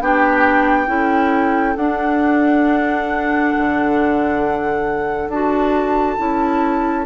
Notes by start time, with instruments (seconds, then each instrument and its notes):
0.00 bassoon B3, clarinet D4, oboe G4, flute G5
0.87 bassoon C#4, clarinet E4, oboe A4
1.76 bassoon D4, clarinet D4, flute F#5
3.57 bassoon D3
5.28 bassoon D4, clarinet F#4, flute A5
6.18 bassoon C#4, clarinet E4